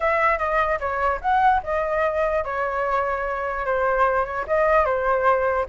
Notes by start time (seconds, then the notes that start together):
0.00 E5
0.38 D#5
0.79 C#5
1.21 F#5
1.63 D#5
2.44 C#5
3.65 C5
4.25 C#5
4.47 D#5
4.85 C5